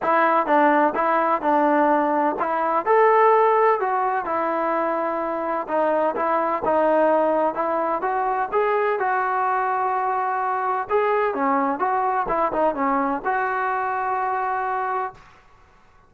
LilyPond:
\new Staff \with { instrumentName = "trombone" } { \time 4/4 \tempo 4 = 127 e'4 d'4 e'4 d'4~ | d'4 e'4 a'2 | fis'4 e'2. | dis'4 e'4 dis'2 |
e'4 fis'4 gis'4 fis'4~ | fis'2. gis'4 | cis'4 fis'4 e'8 dis'8 cis'4 | fis'1 | }